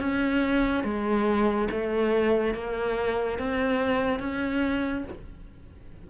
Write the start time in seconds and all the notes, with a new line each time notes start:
0.00 C#4
0.84 G#3
1.71 A3
2.54 A#3
3.39 C4
4.20 C#4